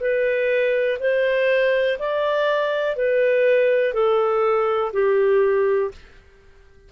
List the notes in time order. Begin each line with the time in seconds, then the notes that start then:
0.00 B4
1.00 C5
1.99 D5
2.96 B4
3.94 A4
4.93 G4